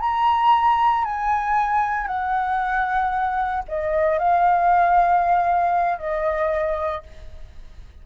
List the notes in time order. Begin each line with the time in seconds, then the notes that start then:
0.00 A#5
1.04 G#5
2.07 F#5
3.68 D#5
4.18 F5
5.98 D#5